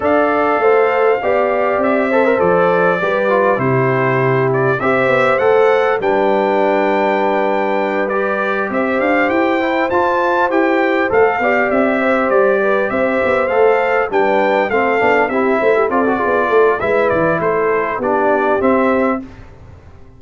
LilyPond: <<
  \new Staff \with { instrumentName = "trumpet" } { \time 4/4 \tempo 4 = 100 f''2. e''4 | d''2 c''4. d''8 | e''4 fis''4 g''2~ | g''4. d''4 e''8 f''8 g''8~ |
g''8 a''4 g''4 f''4 e''8~ | e''8 d''4 e''4 f''4 g''8~ | g''8 f''4 e''4 d''4. | e''8 d''8 c''4 d''4 e''4 | }
  \new Staff \with { instrumentName = "horn" } { \time 4/4 d''4 c''4 d''4. c''8~ | c''4 b'4 g'2 | c''2 b'2~ | b'2~ b'8 c''4.~ |
c''2. d''4 | c''4 b'8 c''2 b'8~ | b'8 a'4 g'8 c''16 g'16 a'8 gis'8 a'8 | b'4 a'4 g'2 | }
  \new Staff \with { instrumentName = "trombone" } { \time 4/4 a'2 g'4. a'16 ais'16 | a'4 g'8 f'8 e'2 | g'4 a'4 d'2~ | d'4. g'2~ g'8 |
e'8 f'4 g'4 a'8 g'4~ | g'2~ g'8 a'4 d'8~ | d'8 c'8 d'8 e'4 f'16 fis'16 f'4 | e'2 d'4 c'4 | }
  \new Staff \with { instrumentName = "tuba" } { \time 4/4 d'4 a4 b4 c'4 | f4 g4 c2 | c'8 b8 a4 g2~ | g2~ g8 c'8 d'8 e'8~ |
e'8 f'4 e'4 a8 b8 c'8~ | c'8 g4 c'8 b8 a4 g8~ | g8 a8 b8 c'8 a8 c'8 b8 a8 | gis8 e8 a4 b4 c'4 | }
>>